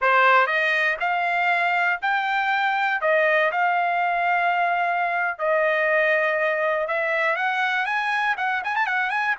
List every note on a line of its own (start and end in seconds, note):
0.01 0.46 C5
0.46 0.96 D#5
1.00 2.00 F5
2.01 3.01 G5
3.01 3.51 D#5
3.51 5.38 F5
5.38 6.87 D#5
6.87 7.36 E5
7.36 7.85 F#5
7.85 8.35 G#5
8.37 8.62 F#5
8.64 8.75 G#5
8.75 8.86 A5
8.86 9.10 F#5
9.10 9.35 G#5